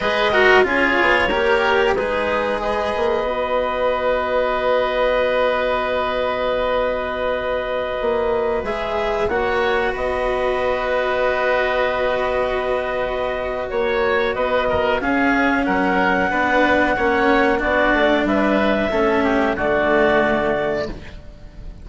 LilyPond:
<<
  \new Staff \with { instrumentName = "clarinet" } { \time 4/4 \tempo 4 = 92 dis''4 cis''2 b'4 | dis''1~ | dis''1~ | dis''4~ dis''16 e''4 fis''4 dis''8.~ |
dis''1~ | dis''4 cis''4 dis''4 f''4 | fis''2. d''4 | e''2 d''2 | }
  \new Staff \with { instrumentName = "oboe" } { \time 4/4 b'8 ais'8 gis'4 ais'4 dis'4 | b'1~ | b'1~ | b'2~ b'16 cis''4 b'8.~ |
b'1~ | b'4 cis''4 b'8 ais'8 gis'4 | ais'4 b'4 cis''4 fis'4 | b'4 a'8 g'8 fis'2 | }
  \new Staff \with { instrumentName = "cello" } { \time 4/4 gis'8 fis'8 f'4 g'4 gis'4~ | gis'4 fis'2.~ | fis'1~ | fis'4~ fis'16 gis'4 fis'4.~ fis'16~ |
fis'1~ | fis'2. cis'4~ | cis'4 d'4 cis'4 d'4~ | d'4 cis'4 a2 | }
  \new Staff \with { instrumentName = "bassoon" } { \time 4/4 gis4 cis'8 b8 ais4 gis4~ | gis8 ais8 b2.~ | b1~ | b16 ais4 gis4 ais4 b8.~ |
b1~ | b4 ais4 b4 cis'4 | fis4 b4 ais4 b8 a8 | g4 a4 d2 | }
>>